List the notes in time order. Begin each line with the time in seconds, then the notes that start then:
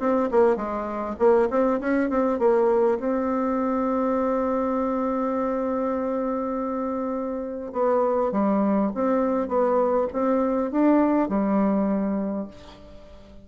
0.00 C4
0.31 A#3
0.56 G#3
1.19 A#3
1.51 C4
1.81 C#4
2.10 C4
2.40 A#3
3.00 C4
7.73 B3
8.32 G3
8.95 C4
9.49 B3
10.13 C4
10.72 D4
11.29 G3